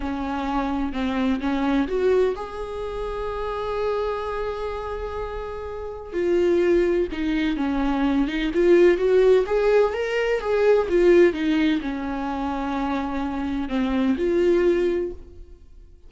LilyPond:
\new Staff \with { instrumentName = "viola" } { \time 4/4 \tempo 4 = 127 cis'2 c'4 cis'4 | fis'4 gis'2.~ | gis'1~ | gis'4 f'2 dis'4 |
cis'4. dis'8 f'4 fis'4 | gis'4 ais'4 gis'4 f'4 | dis'4 cis'2.~ | cis'4 c'4 f'2 | }